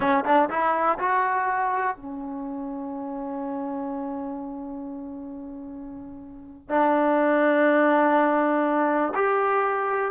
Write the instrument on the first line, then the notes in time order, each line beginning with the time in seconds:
trombone
0.00 C#4
0.24 D4
0.49 E4
0.98 F#4
1.96 C#4
6.69 D4
9.14 G4